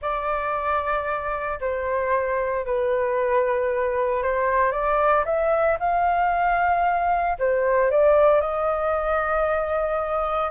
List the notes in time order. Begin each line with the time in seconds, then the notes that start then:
0.01 D5
1.60 C5
2.65 B4
4.22 C5
4.71 D5
5.25 E5
5.79 F5
7.38 C5
7.90 D5
8.40 D#5